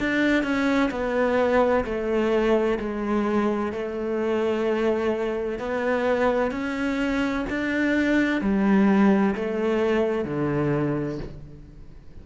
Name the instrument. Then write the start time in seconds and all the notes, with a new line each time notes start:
cello
0.00 D4
0.43 C#4
0.91 B3
1.85 A3
2.80 G#3
3.73 A3
5.60 B3
6.52 C#4
7.50 D4
8.42 G3
9.36 A3
10.25 D3